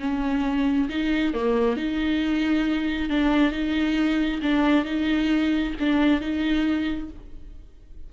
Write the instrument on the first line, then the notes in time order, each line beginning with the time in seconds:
viola
0.00 C#4
0.89 D#4
1.34 A#3
1.77 D#4
3.09 D4
3.52 D#4
4.42 D4
4.85 D#4
5.80 D4
6.21 D#4